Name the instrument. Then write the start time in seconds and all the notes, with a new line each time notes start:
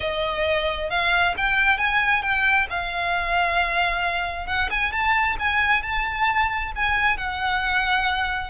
violin
0.00 D#5
0.90 F5
1.37 G5
1.77 G#5
2.22 G5
2.70 F5
4.47 F#5
4.70 G#5
4.91 A5
5.39 G#5
5.82 A5
6.75 G#5
7.17 F#5